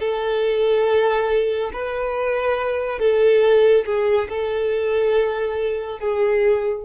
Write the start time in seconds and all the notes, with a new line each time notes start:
0.00 A4
1.73 B4
3.00 A4
3.86 G#4
4.29 A4
6.00 G#4